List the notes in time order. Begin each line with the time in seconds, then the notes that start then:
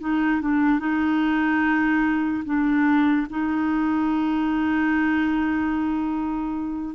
0.00 D#4
0.41 D4
0.79 D#4
2.45 D4
3.30 D#4